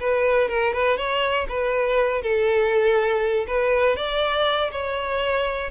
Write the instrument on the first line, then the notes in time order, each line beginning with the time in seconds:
violin
0.00 B4
0.48 A#4
0.73 B4
0.97 C#5
1.49 B4
2.22 A4
3.47 B4
3.96 D5
4.71 C#5